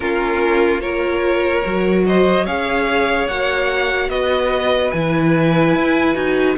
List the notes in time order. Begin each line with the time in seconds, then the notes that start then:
0.00 A#3 C#4 F4 A#4
0.80 F4 A#4 C#5
1.65 F#3 F#4
2.06 C5 D#5
2.44 C#4 G#4 C#5 F5
3.27 A#3 F#4 F#5
4.09 B3 B4 D#5
4.91 E3 E4 G#5
5.74 E4
6.14 D#4 F#4